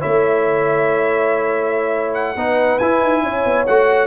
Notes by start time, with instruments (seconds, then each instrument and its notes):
0.00 tuba A3, trombone E4, horn C#5, trumpet E5
2.14 trumpet F#5
2.36 tuba B3, trombone D#4, horn B4
2.79 tuba E4, trombone E4, trumpet G#5
3.01 tuba D#4
3.22 tuba C#4, horn C#5
3.45 tuba B3
3.66 tuba A3, trombone F#4, trumpet F#5